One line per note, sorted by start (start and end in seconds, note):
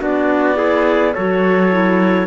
0.00 1.14 B3
0.00 0.55 D4
0.00 0.57 F#4
0.00 1.14 D5
0.55 1.12 E4
0.55 1.13 G#4
1.14 2.27 F#3
1.14 1.71 F#4
1.14 2.27 A4
1.14 2.27 C#5
1.71 2.27 E4